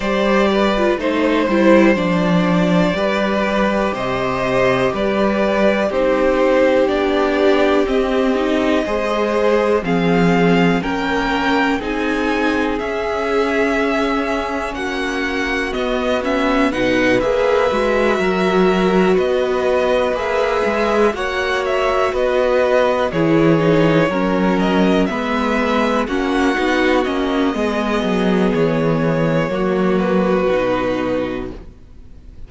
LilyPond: <<
  \new Staff \with { instrumentName = "violin" } { \time 4/4 \tempo 4 = 61 d''4 c''4 d''2 | dis''4 d''4 c''4 d''4 | dis''2 f''4 g''4 | gis''4 e''2 fis''4 |
dis''8 e''8 fis''8 e''2 dis''8~ | dis''8 e''4 fis''8 e''8 dis''4 cis''8~ | cis''4 dis''8 e''4 fis''4 dis''8~ | dis''4 cis''4. b'4. | }
  \new Staff \with { instrumentName = "violin" } { \time 4/4 c''8 b'8 c''2 b'4 | c''4 b'4 g'2~ | g'4 c''4 gis'4 ais'4 | gis'2. fis'4~ |
fis'4 b'4. ais'4 b'8~ | b'4. cis''4 b'4 gis'8~ | gis'8 ais'4 b'4 fis'4. | gis'2 fis'2 | }
  \new Staff \with { instrumentName = "viola" } { \time 4/4 g'8. f'16 dis'8 e'8 d'4 g'4~ | g'2 dis'4 d'4 | c'8 dis'8 gis'4 c'4 cis'4 | dis'4 cis'2. |
b8 cis'8 dis'8 gis'8 fis'2~ | fis'8 gis'4 fis'2 e'8 | dis'8 cis'4 b4 cis'8 dis'8 cis'8 | b2 ais4 dis'4 | }
  \new Staff \with { instrumentName = "cello" } { \time 4/4 g4 a8 g8 f4 g4 | c4 g4 c'4 b4 | c'4 gis4 f4 ais4 | c'4 cis'2 ais4 |
b4 b,8 ais8 gis8 fis4 b8~ | b8 ais8 gis8 ais4 b4 e8~ | e8 fis4 gis4 ais8 b8 ais8 | gis8 fis8 e4 fis4 b,4 | }
>>